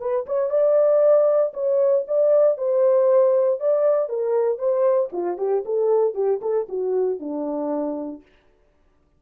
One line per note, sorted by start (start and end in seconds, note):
0.00 0.26 B4
0.26 0.50 C#5
0.50 1.52 D5
1.54 2.05 C#5
2.07 2.58 D5
2.58 3.60 C5
3.60 4.08 D5
4.08 4.58 A#4
4.58 5.09 C5
5.12 5.38 F4
5.38 5.63 G4
5.65 6.14 A4
6.14 6.40 G4
6.41 6.67 A4
6.69 7.19 F#4
7.19 8.22 D4